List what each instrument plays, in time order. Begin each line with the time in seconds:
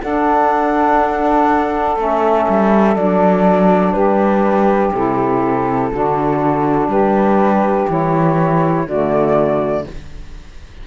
0.00 saxophone D4 A4, cello D4, flute F#5
1.96 cello A3, saxophone C#4, flute E5
2.49 cello G3
2.95 cello F#3, saxophone D4, flute D5
3.93 cello G3, saxophone G4, flute B4
4.93 cello C3, saxophone E4, flute A4
5.91 cello D3, saxophone D4 F#4
6.87 cello G3, saxophone G4, flute B4
7.88 cello E3, saxophone E4, flute C#5
8.85 cello D3, saxophone A3 F#4, flute D5